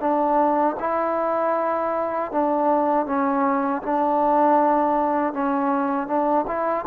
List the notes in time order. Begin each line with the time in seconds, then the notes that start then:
0.00 D4
0.80 E4
2.32 D4
3.06 C#4
3.83 D4
5.34 C#4
6.08 D4
6.47 E4